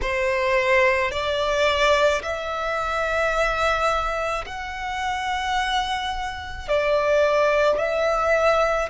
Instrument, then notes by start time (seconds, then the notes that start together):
violin
0.01 C5
1.11 D5
2.22 E5
4.45 F#5
6.68 D5
7.78 E5